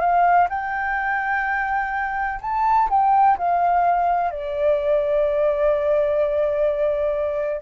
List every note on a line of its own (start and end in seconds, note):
0.00 0.48 F5
0.49 2.40 G5
2.42 2.89 A5
2.90 3.38 G5
3.38 4.31 F5
4.31 7.61 D5